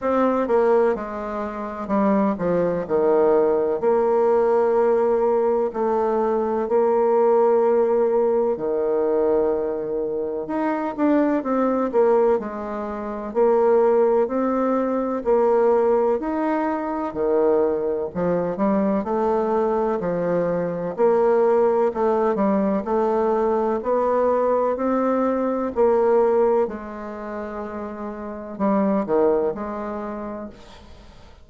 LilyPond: \new Staff \with { instrumentName = "bassoon" } { \time 4/4 \tempo 4 = 63 c'8 ais8 gis4 g8 f8 dis4 | ais2 a4 ais4~ | ais4 dis2 dis'8 d'8 | c'8 ais8 gis4 ais4 c'4 |
ais4 dis'4 dis4 f8 g8 | a4 f4 ais4 a8 g8 | a4 b4 c'4 ais4 | gis2 g8 dis8 gis4 | }